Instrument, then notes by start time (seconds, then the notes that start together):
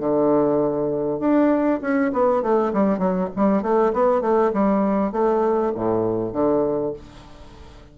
bassoon
0.00 D3
1.20 D4
1.82 C#4
2.13 B3
2.43 A3
2.74 G3
2.99 F#3
3.36 G3
3.63 A3
3.93 B3
4.21 A3
4.54 G3
5.12 A3
5.76 A2
6.33 D3